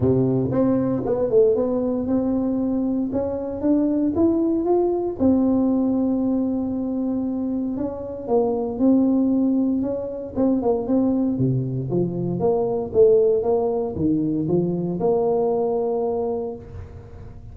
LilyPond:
\new Staff \with { instrumentName = "tuba" } { \time 4/4 \tempo 4 = 116 c4 c'4 b8 a8 b4 | c'2 cis'4 d'4 | e'4 f'4 c'2~ | c'2. cis'4 |
ais4 c'2 cis'4 | c'8 ais8 c'4 c4 f4 | ais4 a4 ais4 dis4 | f4 ais2. | }